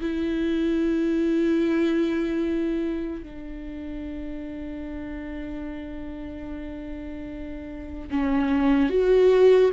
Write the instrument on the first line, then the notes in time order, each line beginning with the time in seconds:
viola
0.00 E4
3.22 D4
8.10 C#4
8.89 F#4